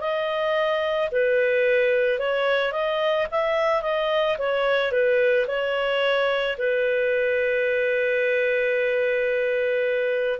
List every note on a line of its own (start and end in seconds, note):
0.00 1.09 D#5
1.11 2.19 B4
2.19 2.72 C#5
2.72 3.26 D#5
3.31 3.82 E5
3.82 4.37 D#5
4.38 4.92 C#5
4.92 5.46 B4
5.47 6.57 C#5
6.58 10.39 B4